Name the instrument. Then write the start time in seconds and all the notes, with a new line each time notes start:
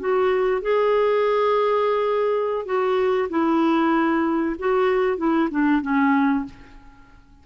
clarinet
0.00 F#4
0.62 G#4
2.66 F#4
3.29 E4
4.59 F#4
5.18 E4
5.51 D4
5.82 C#4